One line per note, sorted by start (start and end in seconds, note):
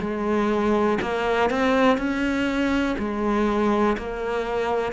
0.00 0.98 G#3
1.02 1.50 A#3
1.50 1.98 C4
1.98 2.96 C#4
2.99 3.97 G#3
3.98 4.93 A#3